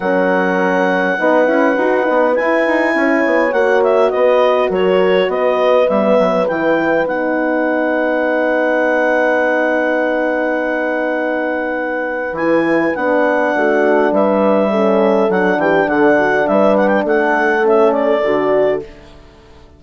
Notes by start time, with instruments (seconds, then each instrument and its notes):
0.00 bassoon F#3, horn C#4 A#4, clarinet F#5
1.18 bassoon B3, horn D#4 B4
1.44 bassoon C#4, horn E4
1.76 bassoon D#4, horn F#4
2.03 bassoon B3, horn D#4
2.34 horn E4, bassoon E4, clarinet G#5
2.66 bassoon D#4
2.94 bassoon C#4, horn C#5
3.25 bassoon B3
3.52 bassoon A#3, horn F#4, clarinet F#5
3.83 clarinet E5
4.10 bassoon B3, horn B4, clarinet D#5
4.69 bassoon F#3, horn A#4, clarinet C#5
5.27 bassoon B3, horn B4, clarinet D#5
5.88 bassoon G3, horn B3, clarinet E5
6.19 bassoon F#3
6.47 bassoon E3, horn E4, clarinet G5
7.06 bassoon B3, horn D#4, clarinet F#5
12.32 bassoon E3, horn E4, clarinet G#5
12.95 bassoon B3, horn D4, clarinet F#5
13.55 bassoon A3, horn F#4
14.11 bassoon G3, horn B4, clarinet E5
14.70 horn C#4 A4
15.29 bassoon F#3, horn D4, clarinet F#5
15.57 bassoon E3, horn G4, clarinet G5
15.87 bassoon D3, horn A4, clarinet F#5
16.18 horn F#4
16.47 bassoon G3, horn B4, clarinet E5
16.76 clarinet F#5
16.87 clarinet G5
17.04 bassoon A3, horn A4, clarinet F#5
17.62 horn C#4, clarinet E5
17.91 clarinet D5
18.23 bassoon D3, horn F#4